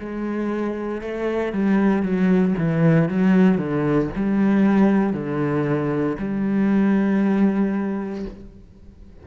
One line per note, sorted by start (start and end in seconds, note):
0.00 1.02 G#3
1.02 1.53 A3
1.53 2.03 G3
2.03 2.54 F#3
2.58 3.09 E3
3.09 3.58 F#3
3.58 4.10 D3
4.16 5.13 G3
5.13 6.17 D3
6.19 8.26 G3